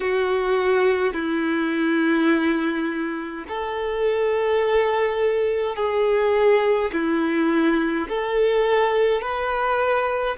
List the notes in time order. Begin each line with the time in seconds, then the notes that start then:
0.00 F#4
1.13 E4
3.48 A4
5.75 G#4
6.92 E4
8.08 A4
9.22 B4